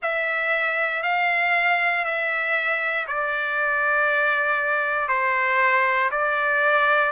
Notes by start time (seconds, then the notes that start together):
0.02 E5
1.03 F5
2.04 E5
3.07 D5
5.08 C5
6.11 D5